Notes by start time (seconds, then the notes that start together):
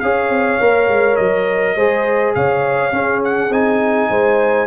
0.00 C#4 G#4 C#5 F5
0.29 C4
0.60 A#3 A#4
0.88 G#3
1.16 F#3 D#5
1.76 G#3 G#4 C5
2.35 C#3 C#5 F5
2.92 C#4 G#4
3.24 F#5
3.50 C4 D#4 G#5
4.10 G#3 C5